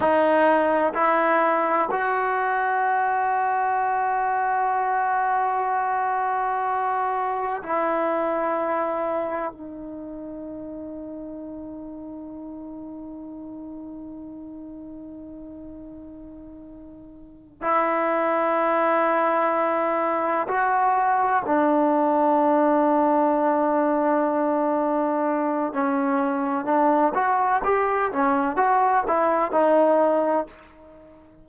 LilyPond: \new Staff \with { instrumentName = "trombone" } { \time 4/4 \tempo 4 = 63 dis'4 e'4 fis'2~ | fis'1 | e'2 dis'2~ | dis'1~ |
dis'2~ dis'8 e'4.~ | e'4. fis'4 d'4.~ | d'2. cis'4 | d'8 fis'8 g'8 cis'8 fis'8 e'8 dis'4 | }